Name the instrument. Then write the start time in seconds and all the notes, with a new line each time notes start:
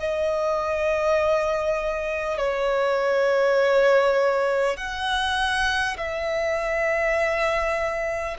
violin
0.00 D#5
2.38 C#5
4.77 F#5
5.98 E5